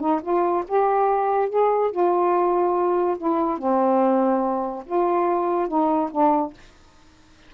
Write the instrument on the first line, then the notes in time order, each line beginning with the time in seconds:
saxophone
0.00 D#4
0.22 F4
0.68 G4
1.50 G#4
1.91 F4
3.18 E4
3.58 C4
4.86 F4
5.68 D#4
6.11 D4